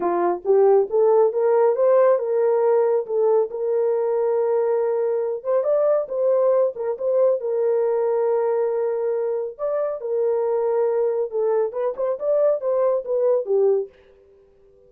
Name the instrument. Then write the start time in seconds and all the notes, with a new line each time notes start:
horn
0.00 F4
0.45 G4
0.89 A4
1.32 A#4
1.75 C5
2.19 A#4
3.06 A4
3.50 A#4
5.43 C5
5.63 D5
6.08 C5
6.75 A#4
6.98 C5
7.40 A#4
9.58 D5
10.01 A#4
11.30 A4
11.72 B4
11.96 C5
12.19 D5
12.60 C5
13.04 B4
13.45 G4